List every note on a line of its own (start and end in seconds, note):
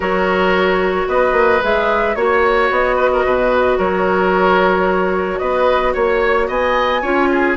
0.00 1.06 F#3
0.00 1.61 F#4
0.00 1.07 A#4
0.00 1.08 C#5
1.08 1.32 B3
1.08 2.16 B4
1.08 1.62 D#5
1.32 1.59 A#3
1.62 2.15 G#3
1.62 2.16 G#4
1.62 2.15 E5
2.15 2.69 A#3
2.15 7.03 F#4
2.15 2.69 C#5
2.15 2.95 C#5
2.70 3.24 B3
2.70 3.78 D#5
2.95 3.09 B4
3.12 3.25 A#4
3.25 3.78 B2
3.25 3.77 B4
3.77 5.40 F#3
3.77 5.40 A#4
3.77 5.39 C#5
5.39 5.95 B3
5.39 5.93 B4
5.39 5.93 D#5
5.93 6.49 A#3
5.93 6.47 C#5
5.93 6.48 C#5
6.47 7.02 B3
6.47 7.01 D#5
6.47 7.56 G#5
7.01 7.56 C#4
7.01 7.56 F4
7.01 7.28 C#5
7.31 7.56 G#4